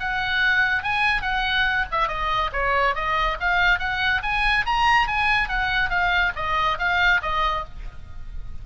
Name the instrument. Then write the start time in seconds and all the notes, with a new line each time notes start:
oboe
0.00 F#5
0.83 G#5
1.22 F#5
1.91 E5
2.08 D#5
2.52 C#5
2.95 D#5
3.40 F5
3.79 F#5
4.23 G#5
4.66 A#5
5.07 G#5
5.49 F#5
5.90 F5
6.36 D#5
6.78 F5
7.22 D#5